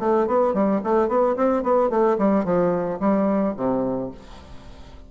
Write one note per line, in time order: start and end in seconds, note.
0.00 0.27 A3
0.28 0.54 B3
0.54 0.81 G3
0.84 1.09 A3
1.09 1.36 B3
1.37 1.64 C4
1.64 1.90 B3
1.90 2.17 A3
2.19 2.45 G3
2.45 3.00 F3
3.00 3.55 G3
3.57 4.12 C3